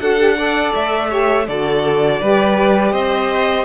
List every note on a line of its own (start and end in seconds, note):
0.00 0.73 D4
0.00 0.18 F#4
0.00 0.38 A4
0.00 0.73 F#5
0.18 0.36 G4
0.38 1.09 A4
0.38 1.10 D5
0.75 1.49 A3
0.75 1.48 E5
1.09 1.45 G4
1.09 1.47 C#5
1.48 2.22 D3
1.48 2.23 F#4
1.48 2.21 A4
1.48 2.93 D5
2.21 2.93 G3
2.21 3.65 G4
2.21 2.93 B4
2.93 3.65 C4
2.93 3.65 C5
2.93 3.65 D#5